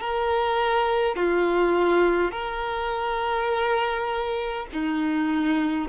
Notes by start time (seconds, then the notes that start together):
0.00 A#4
1.16 F4
2.32 A#4
4.72 D#4